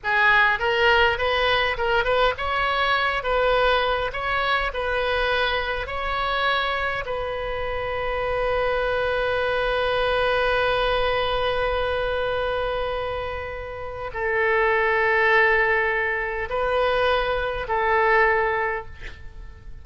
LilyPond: \new Staff \with { instrumentName = "oboe" } { \time 4/4 \tempo 4 = 102 gis'4 ais'4 b'4 ais'8 b'8 | cis''4. b'4. cis''4 | b'2 cis''2 | b'1~ |
b'1~ | b'1 | a'1 | b'2 a'2 | }